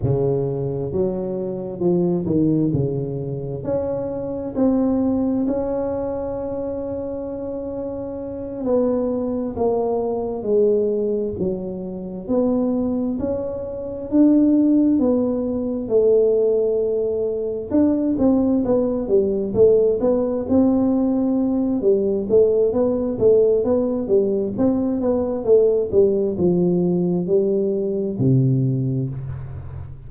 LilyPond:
\new Staff \with { instrumentName = "tuba" } { \time 4/4 \tempo 4 = 66 cis4 fis4 f8 dis8 cis4 | cis'4 c'4 cis'2~ | cis'4. b4 ais4 gis8~ | gis8 fis4 b4 cis'4 d'8~ |
d'8 b4 a2 d'8 | c'8 b8 g8 a8 b8 c'4. | g8 a8 b8 a8 b8 g8 c'8 b8 | a8 g8 f4 g4 c4 | }